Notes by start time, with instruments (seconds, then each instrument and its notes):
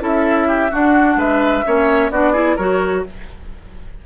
0.00 bassoon C#4, clarinet E4, oboe A4, flute E5
0.48 oboe G4
0.71 clarinet D4, bassoon D4, oboe F#4, flute F#5
1.16 bassoon G#3, oboe B4, flute E5
1.65 bassoon A#3, clarinet C#4, oboe C#5
2.10 bassoon B3, clarinet D4, oboe F#4, flute D5
2.33 clarinet E4, oboe G#4
2.56 bassoon F#3, clarinet F#4, oboe A#4, flute C#5